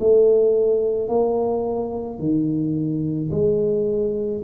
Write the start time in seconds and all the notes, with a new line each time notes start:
0.00 A3
1.08 A#3
2.19 D#3
3.31 G#3